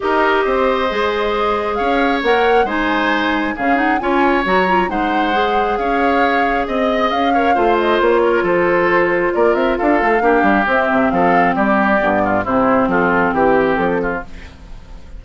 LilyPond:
<<
  \new Staff \with { instrumentName = "flute" } { \time 4/4 \tempo 4 = 135 dis''1 | f''4 fis''4 gis''2 | f''8 fis''8 gis''4 ais''4 fis''4~ | fis''4 f''2 dis''4 |
f''4. dis''8 cis''4 c''4~ | c''4 d''8 e''8 f''2 | e''4 f''4 d''2 | c''4 a'4 g'4 a'4 | }
  \new Staff \with { instrumentName = "oboe" } { \time 4/4 ais'4 c''2. | cis''2 c''2 | gis'4 cis''2 c''4~ | c''4 cis''2 dis''4~ |
dis''8 cis''8 c''4. ais'8 a'4~ | a'4 ais'4 a'4 g'4~ | g'4 a'4 g'4. f'8 | e'4 f'4 g'4. f'8 | }
  \new Staff \with { instrumentName = "clarinet" } { \time 4/4 g'2 gis'2~ | gis'4 ais'4 dis'2 | cis'8 dis'8 f'4 fis'8 f'8 dis'4 | gis'1~ |
gis'8 ais'8 f'2.~ | f'2. d'4 | c'2. b4 | c'1 | }
  \new Staff \with { instrumentName = "bassoon" } { \time 4/4 dis'4 c'4 gis2 | cis'4 ais4 gis2 | cis4 cis'4 fis4 gis4~ | gis4 cis'2 c'4 |
cis'4 a4 ais4 f4~ | f4 ais8 c'8 d'8 a8 ais8 g8 | c'8 c8 f4 g4 g,4 | c4 f4 e4 f4 | }
>>